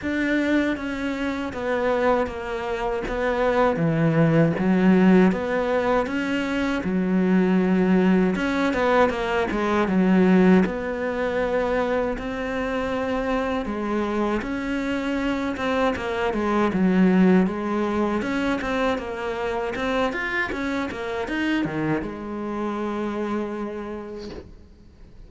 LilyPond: \new Staff \with { instrumentName = "cello" } { \time 4/4 \tempo 4 = 79 d'4 cis'4 b4 ais4 | b4 e4 fis4 b4 | cis'4 fis2 cis'8 b8 | ais8 gis8 fis4 b2 |
c'2 gis4 cis'4~ | cis'8 c'8 ais8 gis8 fis4 gis4 | cis'8 c'8 ais4 c'8 f'8 cis'8 ais8 | dis'8 dis8 gis2. | }